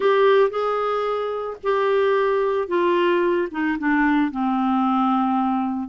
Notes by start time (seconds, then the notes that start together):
0.00 G4
0.50 G#4
1.63 G4
2.68 F4
3.51 D#4
3.78 D4
4.31 C4